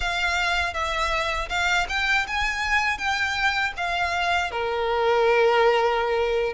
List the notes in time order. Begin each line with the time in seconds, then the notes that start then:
0.00 F5
0.73 E5
1.49 F5
1.89 G5
2.27 G#5
2.98 G5
3.77 F5
4.51 A#4